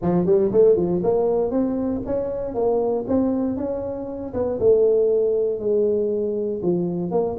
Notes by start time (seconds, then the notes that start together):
0.01 F3
0.25 G3
0.52 A3
0.76 F3
1.03 A#3
1.50 C4
2.05 C#4
2.54 A#3
3.07 C4
3.56 C#4
4.33 B3
4.59 A3
5.59 G#3
6.62 F3
7.11 A#3